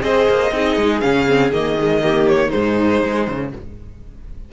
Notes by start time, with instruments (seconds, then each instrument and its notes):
0.00 cello C4, viola G#4, violin C5 D#5
0.29 cello A#3
0.52 cello C4, viola D#4, violin G#4
0.77 cello G#3
1.01 cello C#3, viola C#4, violin F5
1.27 viola C4
1.52 cello D#3, viola A#3, violin D#5
1.79 viola G#3
2.02 viola A#3, violin G4
2.28 violin C#5
2.49 cello G#2, viola G#3, violin D#4 C5
3.04 cello G#3
3.28 cello C#3